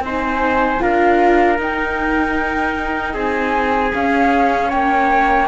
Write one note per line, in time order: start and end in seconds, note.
0.00 0.78 C4
0.00 0.80 D#4
0.00 0.82 C5
0.00 0.80 G#5
0.80 1.58 D4
0.80 1.58 F4
0.80 3.14 A#4
0.80 1.58 F5
1.58 3.92 D#4
1.58 3.14 D#4
1.58 3.15 G5
3.14 3.92 C4
3.14 4.68 G#4
3.14 3.93 G#5
3.92 5.47 C#4
3.92 4.72 C#4
3.92 4.70 F5
4.68 5.48 A#3
4.68 5.46 C#5
4.68 5.48 G5